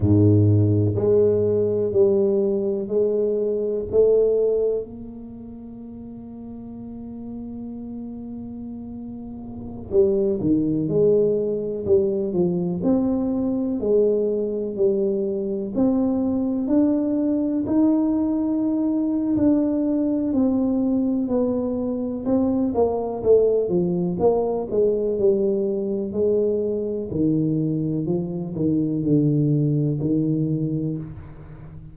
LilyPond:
\new Staff \with { instrumentName = "tuba" } { \time 4/4 \tempo 4 = 62 gis,4 gis4 g4 gis4 | a4 ais2.~ | ais2~ ais16 g8 dis8 gis8.~ | gis16 g8 f8 c'4 gis4 g8.~ |
g16 c'4 d'4 dis'4.~ dis'16 | d'4 c'4 b4 c'8 ais8 | a8 f8 ais8 gis8 g4 gis4 | dis4 f8 dis8 d4 dis4 | }